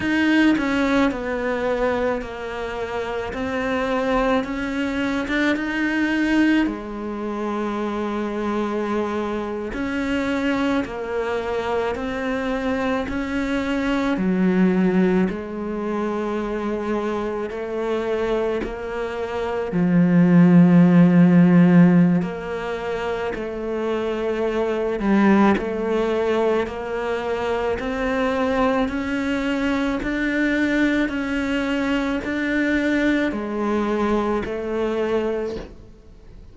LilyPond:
\new Staff \with { instrumentName = "cello" } { \time 4/4 \tempo 4 = 54 dis'8 cis'8 b4 ais4 c'4 | cis'8. d'16 dis'4 gis2~ | gis8. cis'4 ais4 c'4 cis'16~ | cis'8. fis4 gis2 a16~ |
a8. ais4 f2~ f16 | ais4 a4. g8 a4 | ais4 c'4 cis'4 d'4 | cis'4 d'4 gis4 a4 | }